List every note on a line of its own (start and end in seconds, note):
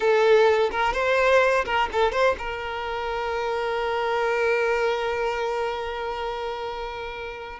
0.00 0.69 A4
0.71 0.93 A#4
0.93 1.64 C5
1.65 1.89 A#4
1.92 2.11 A4
2.11 2.35 C5
2.38 7.59 A#4